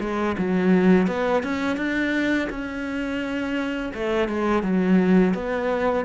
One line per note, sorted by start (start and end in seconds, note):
0.00 0.36 G#3
0.38 1.07 F#3
1.07 1.43 B3
1.43 1.77 C#4
1.77 2.48 D4
2.49 3.92 C#4
3.94 4.28 A3
4.28 4.62 G#3
4.62 5.34 F#3
5.34 6.05 B3